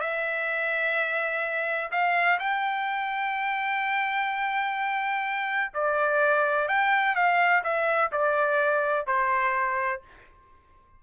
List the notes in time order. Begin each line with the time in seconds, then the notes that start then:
0.00 E5
1.91 F5
2.39 G5
5.74 D5
6.68 G5
7.15 F5
7.63 E5
8.11 D5
9.06 C5